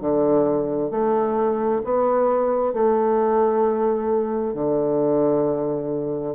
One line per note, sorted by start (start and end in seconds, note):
0.00 0.90 D3
0.90 1.81 A3
1.83 2.73 B3
2.73 4.53 A3
4.53 6.35 D3